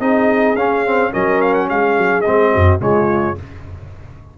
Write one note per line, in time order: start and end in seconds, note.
0.00 0.55 C4
0.00 0.56 D#4
0.00 1.12 G#4
0.00 0.56 D#5
0.55 1.12 C#4
0.55 0.86 C#4
0.55 1.12 F5
0.86 1.12 C4
1.12 1.70 F#3
1.12 2.24 C#4
1.12 1.68 A#4
1.12 1.41 D#5
1.41 1.54 F5
1.54 1.68 F#5
1.68 1.98 G#3
1.68 2.52 G#4
1.68 2.21 F5
1.98 2.26 F#3
2.21 2.80 C4
2.21 2.78 D#5
2.28 2.55 G#3
2.52 2.81 F#2
2.52 2.80 F#4
2.80 3.37 C#3
2.80 3.36 G#3
2.80 3.38 F4
2.80 3.38 C#5